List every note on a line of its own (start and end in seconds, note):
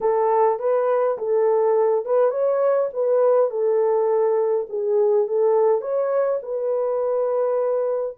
0.01 0.59 A4
0.59 1.17 B4
1.18 2.05 A4
2.05 2.31 B4
2.31 2.89 C#5
2.93 3.50 B4
3.50 4.67 A4
4.69 5.27 G#4
5.27 5.81 A4
5.81 6.39 C#5
6.42 8.17 B4